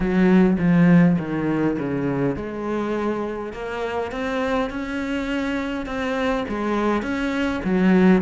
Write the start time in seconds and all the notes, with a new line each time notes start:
0.00 F#3
0.58 F3
1.18 D#3
1.78 C#3
2.35 G#3
3.52 A#3
4.11 C4
4.70 C#4
5.86 C4
6.48 G#3
7.02 C#4
7.64 F#3